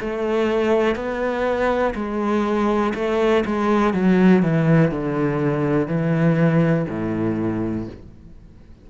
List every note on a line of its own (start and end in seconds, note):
0.00 0.96 A3
0.96 1.94 B3
1.95 2.93 G#3
2.95 3.44 A3
3.46 3.93 G#3
3.93 4.43 F#3
4.43 4.91 E3
4.91 5.87 D3
5.87 6.86 E3
6.89 7.87 A2